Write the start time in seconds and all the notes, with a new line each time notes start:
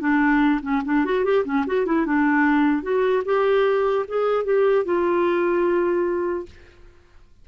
0.00 D4
0.62 C#4
0.85 D4
1.05 F#4
1.24 G4
1.45 C#4
1.67 F#4
1.86 E4
2.06 D4
2.83 F#4
3.25 G4
4.08 G#4
4.45 G4
4.85 F4